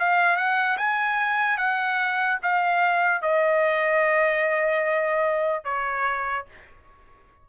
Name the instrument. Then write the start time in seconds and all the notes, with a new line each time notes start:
trumpet
0.00 F5
0.37 F#5
0.78 G#5
1.58 F#5
2.43 F5
3.22 D#5
5.65 C#5